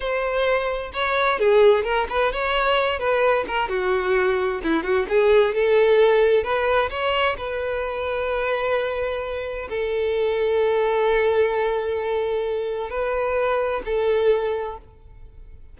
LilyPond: \new Staff \with { instrumentName = "violin" } { \time 4/4 \tempo 4 = 130 c''2 cis''4 gis'4 | ais'8 b'8 cis''4. b'4 ais'8 | fis'2 e'8 fis'8 gis'4 | a'2 b'4 cis''4 |
b'1~ | b'4 a'2.~ | a'1 | b'2 a'2 | }